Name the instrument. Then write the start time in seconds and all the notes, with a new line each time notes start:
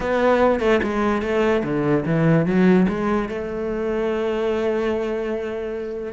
cello
0.00 B3
0.60 A3
0.83 G#3
1.22 A3
1.64 D3
2.05 E3
2.46 F#3
2.88 G#3
3.29 A3